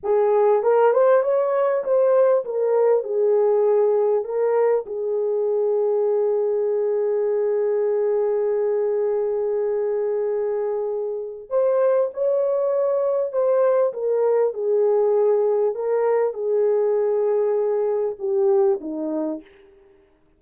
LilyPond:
\new Staff \with { instrumentName = "horn" } { \time 4/4 \tempo 4 = 99 gis'4 ais'8 c''8 cis''4 c''4 | ais'4 gis'2 ais'4 | gis'1~ | gis'1~ |
gis'2. c''4 | cis''2 c''4 ais'4 | gis'2 ais'4 gis'4~ | gis'2 g'4 dis'4 | }